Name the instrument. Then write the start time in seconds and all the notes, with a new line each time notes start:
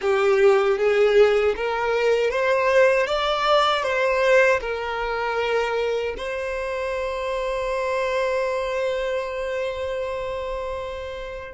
violin
0.01 G4
0.77 G#4
1.56 A#4
2.30 C5
3.06 D5
3.83 C5
4.60 A#4
6.17 C5